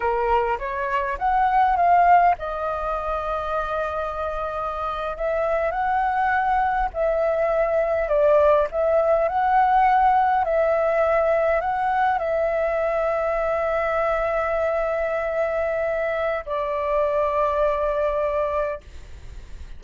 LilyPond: \new Staff \with { instrumentName = "flute" } { \time 4/4 \tempo 4 = 102 ais'4 cis''4 fis''4 f''4 | dis''1~ | dis''8. e''4 fis''2 e''16~ | e''4.~ e''16 d''4 e''4 fis''16~ |
fis''4.~ fis''16 e''2 fis''16~ | fis''8. e''2.~ e''16~ | e''1 | d''1 | }